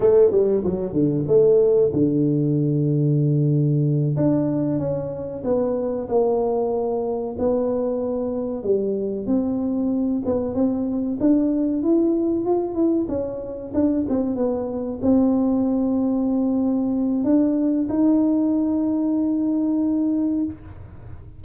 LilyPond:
\new Staff \with { instrumentName = "tuba" } { \time 4/4 \tempo 4 = 94 a8 g8 fis8 d8 a4 d4~ | d2~ d8 d'4 cis'8~ | cis'8 b4 ais2 b8~ | b4. g4 c'4. |
b8 c'4 d'4 e'4 f'8 | e'8 cis'4 d'8 c'8 b4 c'8~ | c'2. d'4 | dis'1 | }